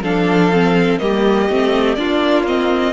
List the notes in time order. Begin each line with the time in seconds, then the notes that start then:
0.00 F3 D4 A4 F5
0.52 C4
0.98 G3 A#3 G4 D#5
1.50 A3 C4
1.95 A#3 D4 F4 D5
2.46 C4 D#5